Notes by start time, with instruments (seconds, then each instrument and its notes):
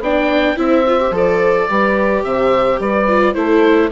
0.00 bassoon B3, viola D4, horn D5, oboe G5
0.57 bassoon C4, viola E4, horn C5, oboe E5
0.88 viola F4
1.00 viola G4
1.11 bassoon F3, viola A4
1.17 oboe D5
1.68 bassoon G3, viola G4, horn B4
2.24 bassoon C3, horn C5, oboe E5
2.80 bassoon G3, horn B4, oboe D5
3.09 viola F4
3.35 bassoon A3, viola E4, horn A4, oboe C5